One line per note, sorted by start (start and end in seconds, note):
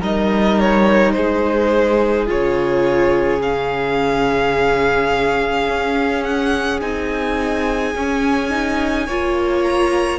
0.00 1.15 G3
0.00 2.27 D#4
0.00 1.13 A#4
0.00 0.60 D#5
0.60 1.12 C#5
1.12 2.30 G#3
1.12 9.06 G#4
1.12 2.25 C5
2.27 5.68 C#3
2.27 3.40 F4
2.27 3.42 C#5
3.42 6.81 C#4
3.42 6.23 F5
5.68 6.81 C#4
6.23 6.80 F#5
6.81 7.95 C4
6.81 7.94 D#4
6.81 9.64 G#5
7.96 9.08 C#4
7.96 8.50 C#4
8.50 9.07 D#4
9.06 10.19 A#3
9.06 10.19 F4
9.06 10.19 C#5
9.64 10.19 A#5